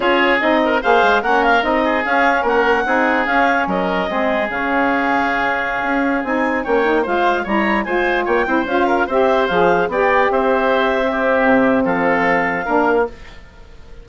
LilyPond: <<
  \new Staff \with { instrumentName = "clarinet" } { \time 4/4 \tempo 4 = 147 cis''4 dis''4 f''4 fis''8 f''8 | dis''4 f''4 fis''2 | f''4 dis''2 f''4~ | f''2.~ f''16 gis''8.~ |
gis''16 g''4 f''4 ais''4 gis''8.~ | gis''16 g''4 f''4 e''4 f''8.~ | f''16 g''4 e''2~ e''8.~ | e''4 f''2. | }
  \new Staff \with { instrumentName = "oboe" } { \time 4/4 gis'4. ais'8 c''4 ais'4~ | ais'8 gis'4. ais'4 gis'4~ | gis'4 ais'4 gis'2~ | gis'1~ |
gis'16 cis''4 c''4 cis''4 c''8.~ | c''16 cis''8 c''4 ais'8 c''4.~ c''16~ | c''16 d''4 c''2 g'8.~ | g'4 a'2 ais'4 | }
  \new Staff \with { instrumentName = "saxophone" } { \time 4/4 f'4 dis'4 gis'4 cis'4 | dis'4 cis'2 dis'4 | cis'2 c'4 cis'4~ | cis'2.~ cis'16 dis'8.~ |
dis'16 cis'8 dis'8 f'4 e'4 f'8.~ | f'8. e'8 f'4 g'4 gis'8.~ | gis'16 g'2~ g'8. c'4~ | c'2. d'4 | }
  \new Staff \with { instrumentName = "bassoon" } { \time 4/4 cis'4 c'4 ais8 gis8 ais4 | c'4 cis'4 ais4 c'4 | cis'4 fis4 gis4 cis4~ | cis2~ cis16 cis'4 c'8.~ |
c'16 ais4 gis4 g4 gis8.~ | gis16 ais8 c'8 cis'4 c'4 f8.~ | f16 b4 c'2~ c'8. | c4 f2 ais4 | }
>>